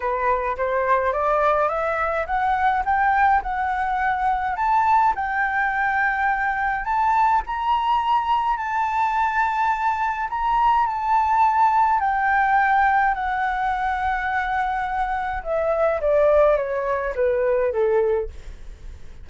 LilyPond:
\new Staff \with { instrumentName = "flute" } { \time 4/4 \tempo 4 = 105 b'4 c''4 d''4 e''4 | fis''4 g''4 fis''2 | a''4 g''2. | a''4 ais''2 a''4~ |
a''2 ais''4 a''4~ | a''4 g''2 fis''4~ | fis''2. e''4 | d''4 cis''4 b'4 a'4 | }